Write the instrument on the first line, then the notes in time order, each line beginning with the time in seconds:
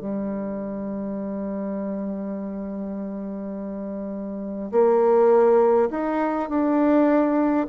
bassoon
0.00 G3
4.72 A#3
5.90 D#4
6.49 D4